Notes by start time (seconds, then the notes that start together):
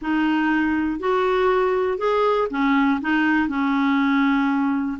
0.01 D#4
0.99 F#4
1.97 G#4
2.50 C#4
3.01 D#4
3.48 C#4